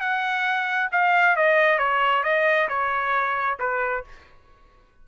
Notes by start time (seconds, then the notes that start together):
0.00 F#5
0.92 F5
1.36 D#5
1.78 C#5
2.23 D#5
2.69 C#5
3.59 B4